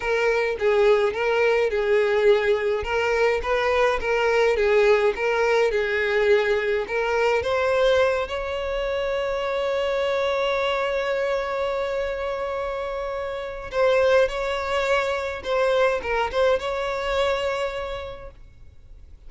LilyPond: \new Staff \with { instrumentName = "violin" } { \time 4/4 \tempo 4 = 105 ais'4 gis'4 ais'4 gis'4~ | gis'4 ais'4 b'4 ais'4 | gis'4 ais'4 gis'2 | ais'4 c''4. cis''4.~ |
cis''1~ | cis''1 | c''4 cis''2 c''4 | ais'8 c''8 cis''2. | }